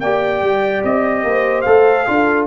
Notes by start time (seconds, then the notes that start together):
0.00 A#3 G4 D5 G5
0.41 G3
0.84 C4 D#5
1.23 A#3 C5
1.61 A3 A4 F5
2.07 D4 F4 A4